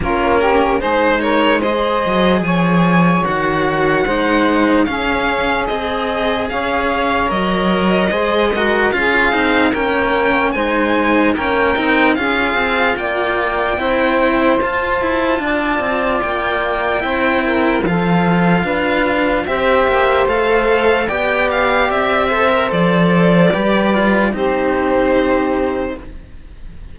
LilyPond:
<<
  \new Staff \with { instrumentName = "violin" } { \time 4/4 \tempo 4 = 74 ais'4 c''8 cis''8 dis''4 gis''4 | fis''2 f''4 dis''4 | f''4 dis''2 f''4 | g''4 gis''4 g''4 f''4 |
g''2 a''2 | g''2 f''2 | e''4 f''4 g''8 f''8 e''4 | d''2 c''2 | }
  \new Staff \with { instrumentName = "saxophone" } { \time 4/4 f'8 g'8 gis'8 ais'8 c''4 cis''4~ | cis''4 c''4 gis'2 | cis''2 c''8 ais'8 gis'4 | ais'4 c''4 ais'4 gis'4 |
d''4 c''2 d''4~ | d''4 c''8 ais'8 a'4 b'4 | c''2 d''4. c''8~ | c''4 b'4 g'2 | }
  \new Staff \with { instrumentName = "cello" } { \time 4/4 cis'4 dis'4 gis'2 | fis'4 dis'4 cis'4 gis'4~ | gis'4 ais'4 gis'8 fis'8 f'8 dis'8 | cis'4 dis'4 cis'8 dis'8 f'4~ |
f'4 e'4 f'2~ | f'4 e'4 f'2 | g'4 a'4 g'4. a'16 ais'16 | a'4 g'8 f'8 dis'2 | }
  \new Staff \with { instrumentName = "cello" } { \time 4/4 ais4 gis4. fis8 f4 | dis4 gis4 cis'4 c'4 | cis'4 fis4 gis4 cis'8 c'8 | ais4 gis4 ais8 c'8 cis'8 c'8 |
ais4 c'4 f'8 e'8 d'8 c'8 | ais4 c'4 f4 d'4 | c'8 ais8 a4 b4 c'4 | f4 g4 c'2 | }
>>